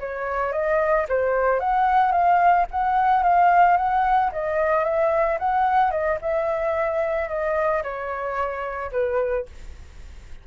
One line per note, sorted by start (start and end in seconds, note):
0.00 0.53 C#5
0.53 1.07 D#5
1.09 1.60 C5
1.60 2.12 F#5
2.12 2.66 F5
2.71 3.23 F#5
3.23 3.77 F5
3.77 4.31 F#5
4.32 4.85 D#5
4.85 5.39 E5
5.39 5.91 F#5
5.91 6.18 D#5
6.22 7.29 E5
7.29 7.83 D#5
7.83 8.91 C#5
8.92 9.46 B4